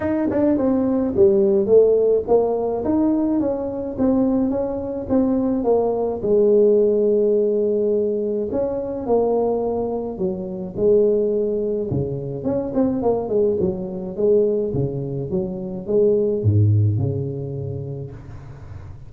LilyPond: \new Staff \with { instrumentName = "tuba" } { \time 4/4 \tempo 4 = 106 dis'8 d'8 c'4 g4 a4 | ais4 dis'4 cis'4 c'4 | cis'4 c'4 ais4 gis4~ | gis2. cis'4 |
ais2 fis4 gis4~ | gis4 cis4 cis'8 c'8 ais8 gis8 | fis4 gis4 cis4 fis4 | gis4 gis,4 cis2 | }